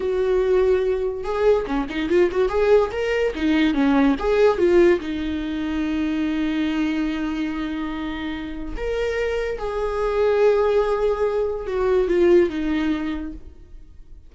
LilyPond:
\new Staff \with { instrumentName = "viola" } { \time 4/4 \tempo 4 = 144 fis'2. gis'4 | cis'8 dis'8 f'8 fis'8 gis'4 ais'4 | dis'4 cis'4 gis'4 f'4 | dis'1~ |
dis'1~ | dis'4 ais'2 gis'4~ | gis'1 | fis'4 f'4 dis'2 | }